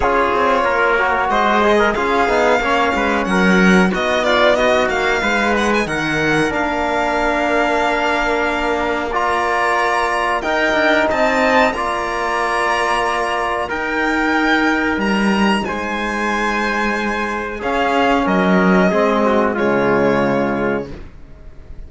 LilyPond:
<<
  \new Staff \with { instrumentName = "violin" } { \time 4/4 \tempo 4 = 92 cis''2 dis''4 f''4~ | f''4 fis''4 dis''8 d''8 dis''8 f''8~ | f''8 fis''16 gis''16 fis''4 f''2~ | f''2 ais''2 |
g''4 a''4 ais''2~ | ais''4 g''2 ais''4 | gis''2. f''4 | dis''2 cis''2 | }
  \new Staff \with { instrumentName = "trumpet" } { \time 4/4 gis'4 ais'4 c''8. ais'16 gis'4 | cis''8 b'8 ais'4 fis'8 f'8 fis'4 | b'4 ais'2.~ | ais'2 d''2 |
ais'4 dis''4 d''2~ | d''4 ais'2. | c''2. gis'4 | ais'4 gis'8 fis'8 f'2 | }
  \new Staff \with { instrumentName = "trombone" } { \time 4/4 f'4. fis'4 gis'8 f'8 dis'8 | cis'2 dis'2~ | dis'2 d'2~ | d'2 f'2 |
dis'2 f'2~ | f'4 dis'2.~ | dis'2. cis'4~ | cis'4 c'4 gis2 | }
  \new Staff \with { instrumentName = "cello" } { \time 4/4 cis'8 c'8 ais4 gis4 cis'8 b8 | ais8 gis8 fis4 b4. ais8 | gis4 dis4 ais2~ | ais1 |
dis'8 d'8 c'4 ais2~ | ais4 dis'2 g4 | gis2. cis'4 | fis4 gis4 cis2 | }
>>